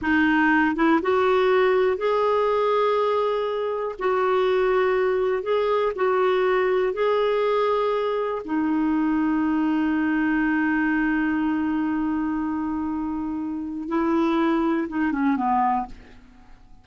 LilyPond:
\new Staff \with { instrumentName = "clarinet" } { \time 4/4 \tempo 4 = 121 dis'4. e'8 fis'2 | gis'1 | fis'2. gis'4 | fis'2 gis'2~ |
gis'4 dis'2.~ | dis'1~ | dis'1 | e'2 dis'8 cis'8 b4 | }